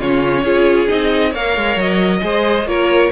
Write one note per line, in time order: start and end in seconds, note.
0.00 0.44 C#3
0.00 0.45 C#4
0.00 0.45 F4
0.00 0.89 C#5
0.44 0.88 C#4
0.44 0.88 F4
0.44 1.31 G#4
0.88 1.36 C4
0.88 1.33 D#4
0.88 1.33 D#5
1.31 1.57 A#3
1.31 2.22 A#4
1.31 2.20 C#5
1.31 1.80 F5
1.57 1.77 G#3
1.77 2.22 F#3
1.77 2.68 D#5
2.22 2.65 G#3
2.22 2.66 G#4
2.22 2.69 C5
2.65 3.10 A#3
2.65 3.12 F4
2.65 3.12 A#4
2.65 3.12 C#5